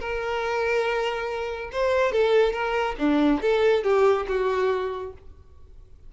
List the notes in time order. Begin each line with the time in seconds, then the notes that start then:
0.00 A#4
1.72 C5
2.12 A4
2.53 A#4
2.98 D4
3.42 A4
3.84 G4
4.28 F#4